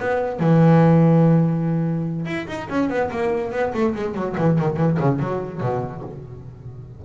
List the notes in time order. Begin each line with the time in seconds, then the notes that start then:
0.00 B3
0.40 E3
2.26 E4
2.48 D#4
2.70 C#4
2.90 B3
3.11 A#3
3.52 B3
3.74 A3
3.95 G#3
4.15 F#3
4.38 E3
4.59 D#3
4.77 E3
5.00 C#3
5.20 F#3
5.61 B2